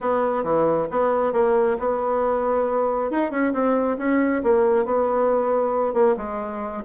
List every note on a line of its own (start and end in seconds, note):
0.00 0.43 B3
0.43 0.87 E3
0.90 1.32 B3
1.32 1.76 A#3
1.79 3.10 B3
3.10 3.30 D#4
3.30 3.52 C#4
3.53 3.97 C4
3.98 4.42 C#4
4.43 4.85 A#3
4.85 5.93 B3
5.93 6.15 A#3
6.16 6.83 G#3